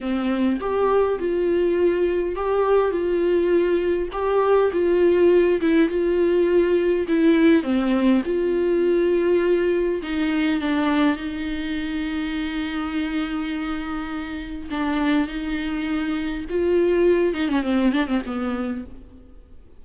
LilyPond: \new Staff \with { instrumentName = "viola" } { \time 4/4 \tempo 4 = 102 c'4 g'4 f'2 | g'4 f'2 g'4 | f'4. e'8 f'2 | e'4 c'4 f'2~ |
f'4 dis'4 d'4 dis'4~ | dis'1~ | dis'4 d'4 dis'2 | f'4. dis'16 cis'16 c'8 d'16 c'16 b4 | }